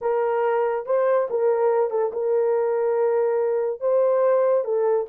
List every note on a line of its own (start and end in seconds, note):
0.01 0.85 A#4
0.85 1.28 C5
1.30 1.90 A#4
1.90 2.11 A4
2.12 3.80 A#4
3.80 4.64 C5
4.64 5.06 A4